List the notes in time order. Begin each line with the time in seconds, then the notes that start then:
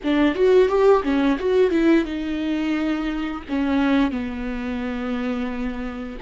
0.03 D4
0.34 F#4
0.68 G4
1.03 C#4
1.38 F#4
1.71 E4
2.04 D#4
3.48 C#4
4.11 B3